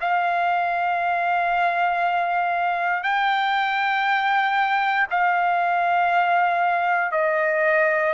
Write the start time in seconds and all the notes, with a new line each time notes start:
0.00 F5
3.03 G5
5.10 F5
7.11 D#5